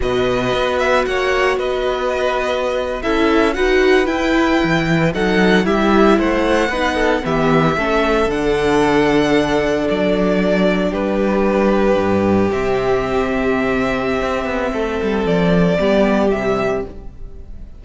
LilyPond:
<<
  \new Staff \with { instrumentName = "violin" } { \time 4/4 \tempo 4 = 114 dis''4. e''8 fis''4 dis''4~ | dis''4.~ dis''16 e''4 fis''4 g''16~ | g''4.~ g''16 fis''4 e''4 fis''16~ | fis''4.~ fis''16 e''2 fis''16~ |
fis''2~ fis''8. d''4~ d''16~ | d''8. b'2. e''16~ | e''1~ | e''4 d''2 e''4 | }
  \new Staff \with { instrumentName = "violin" } { \time 4/4 b'2 cis''4 b'4~ | b'4.~ b'16 a'4 b'4~ b'16~ | b'4.~ b'16 a'4 g'4 c''16~ | c''8. b'8 a'8 g'4 a'4~ a'16~ |
a'1~ | a'8. g'2.~ g'16~ | g'1 | a'2 g'2 | }
  \new Staff \with { instrumentName = "viola" } { \time 4/4 fis'1~ | fis'4.~ fis'16 e'4 fis'4 e'16~ | e'4.~ e'16 dis'4 e'4~ e'16~ | e'8. dis'4 b4 cis'4 d'16~ |
d'1~ | d'2.~ d'8. c'16~ | c'1~ | c'2 b4 g4 | }
  \new Staff \with { instrumentName = "cello" } { \time 4/4 b,4 b4 ais4 b4~ | b4.~ b16 cis'4 dis'4 e'16~ | e'8. e4 fis4 g4 a16~ | a8. b4 e4 a4 d16~ |
d2~ d8. fis4~ fis16~ | fis8. g2 g,4 c16~ | c2. c'8 b8 | a8 g8 f4 g4 c4 | }
>>